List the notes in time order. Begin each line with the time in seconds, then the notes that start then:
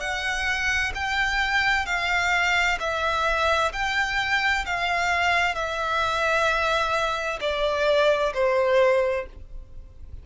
0.00 F#5
0.94 G5
1.86 F5
2.80 E5
3.73 G5
4.66 F5
5.55 E5
7.41 D5
8.34 C5